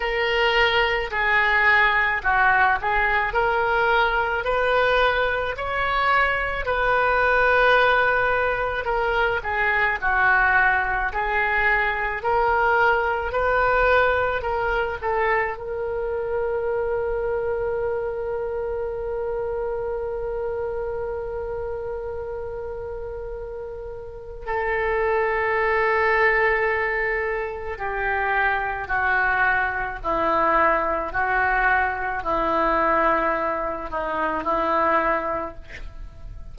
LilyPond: \new Staff \with { instrumentName = "oboe" } { \time 4/4 \tempo 4 = 54 ais'4 gis'4 fis'8 gis'8 ais'4 | b'4 cis''4 b'2 | ais'8 gis'8 fis'4 gis'4 ais'4 | b'4 ais'8 a'8 ais'2~ |
ais'1~ | ais'2 a'2~ | a'4 g'4 fis'4 e'4 | fis'4 e'4. dis'8 e'4 | }